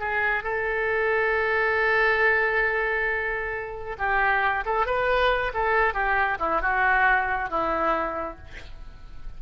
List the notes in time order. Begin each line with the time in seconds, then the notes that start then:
0.00 G#4
0.44 A4
3.98 G4
4.66 A4
4.86 B4
5.54 A4
5.94 G4
6.40 E4
6.62 F#4
7.50 E4